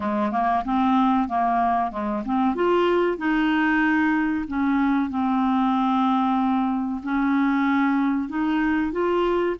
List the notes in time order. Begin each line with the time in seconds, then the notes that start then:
0.00 G#3
0.31 A#3
0.64 C4
1.28 A#3
1.91 G#3
2.25 C4
2.55 F4
3.17 D#4
4.47 C#4
5.09 C4
7.03 C#4
8.28 D#4
8.92 F4